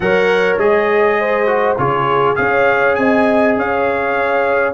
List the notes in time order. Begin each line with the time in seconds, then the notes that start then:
0.00 F#3 A#4 C#5 F#5
0.58 G#3 G#4 D#5
1.19 C5
1.46 F#4
1.78 C#3 F4 G#4 C#5
2.35 C#4 G#4 C#5 F5
2.95 C4 D#5 G#5
3.56 C#4 C#5 F5